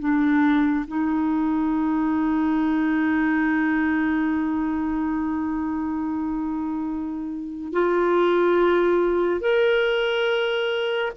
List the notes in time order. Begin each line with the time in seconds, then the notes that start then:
0.00 D4
0.88 D#4
7.73 F4
9.41 A#4